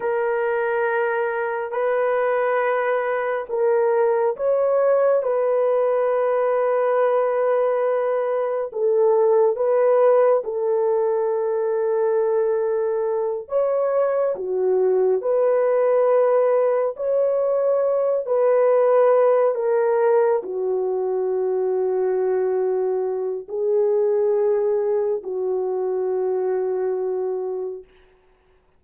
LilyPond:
\new Staff \with { instrumentName = "horn" } { \time 4/4 \tempo 4 = 69 ais'2 b'2 | ais'4 cis''4 b'2~ | b'2 a'4 b'4 | a'2.~ a'8 cis''8~ |
cis''8 fis'4 b'2 cis''8~ | cis''4 b'4. ais'4 fis'8~ | fis'2. gis'4~ | gis'4 fis'2. | }